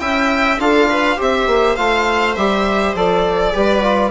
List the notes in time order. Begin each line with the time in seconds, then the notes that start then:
0.00 C#4 E4 E5 G5
0.59 D4 F4 A4 F5
0.90 B4
1.17 C4 G4 C5 E5
1.47 A#3
1.76 A3 F4 F5
2.37 G3 G4 E5
2.95 F3 A4 D5
3.53 G3 G4 B4
3.83 F4